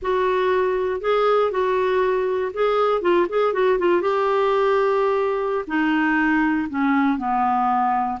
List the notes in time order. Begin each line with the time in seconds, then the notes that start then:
0.02 F#4
1.00 G#4
1.51 F#4
2.53 G#4
3.01 F4
3.29 G#4
3.53 F#4
3.78 F4
4.01 G4
5.67 D#4
6.69 C#4
7.18 B3